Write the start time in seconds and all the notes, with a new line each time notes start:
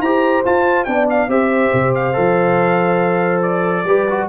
0.00 E4 G4 C5 A#5
0.45 F4 A5
0.84 B3 D4 D5 G5
1.10 F5
1.28 C4 G4 C5 E5
1.73 C3
1.95 F5
2.13 F3 A4
3.42 D5
3.84 G3 G4 B4
4.10 F#4